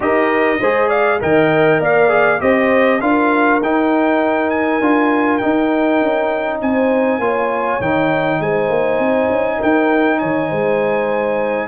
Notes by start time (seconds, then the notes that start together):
0.00 D#4 G4 A#4 D#5
0.60 G#3 G#4 C5
0.88 D5 F5
1.20 D#3 A#4 D#5 G5
1.79 A#3 D5 F5
2.08 G#4
2.39 C4 G4 C5 D#5
3.00 D4 F4 A#4 F5
3.61 D#4 G5
4.50 G#5
4.80 D4 F4
5.37 D#4 G5
5.43 D#4
6.01 C#4
6.61 C4 C5 G#5
7.18 A#3 F4 C#5
7.80 D#3 D#4 G5
8.39 G#3 C5 G#5
8.68 A#3
8.98 C4
9.29 C#4
9.57 D#4 A#4 G5
10.18 D#3 C#5 G#5
10.48 G#3 C5